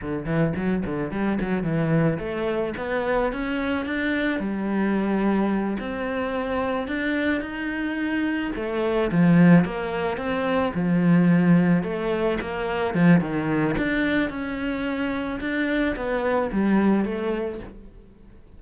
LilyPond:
\new Staff \with { instrumentName = "cello" } { \time 4/4 \tempo 4 = 109 d8 e8 fis8 d8 g8 fis8 e4 | a4 b4 cis'4 d'4 | g2~ g8 c'4.~ | c'8 d'4 dis'2 a8~ |
a8 f4 ais4 c'4 f8~ | f4. a4 ais4 f8 | dis4 d'4 cis'2 | d'4 b4 g4 a4 | }